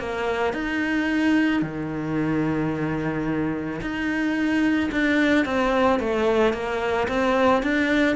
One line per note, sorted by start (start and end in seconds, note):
0.00 0.54 A#3
0.54 1.63 D#4
1.63 3.81 D#3
3.82 4.91 D#4
4.92 5.46 D4
5.46 6.00 C4
6.00 6.54 A3
6.54 7.08 A#3
7.09 7.63 C4
7.63 8.16 D4